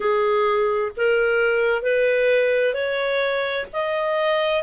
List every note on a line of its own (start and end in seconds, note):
0.00 0.92 G#4
0.97 1.82 A#4
1.82 2.74 B4
2.74 3.66 C#5
3.72 4.63 D#5